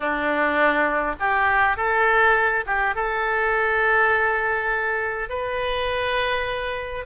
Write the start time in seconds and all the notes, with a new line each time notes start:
0.00 D4
1.19 G4
1.76 A4
2.66 G4
2.95 A4
5.29 B4